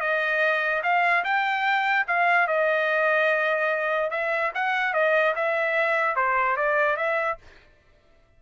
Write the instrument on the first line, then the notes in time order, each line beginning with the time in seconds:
trumpet
0.00 D#5
0.83 F5
1.24 G5
2.07 F5
2.47 D#5
4.10 E5
4.54 F#5
4.93 D#5
5.35 E5
6.16 C5
6.56 D5
6.96 E5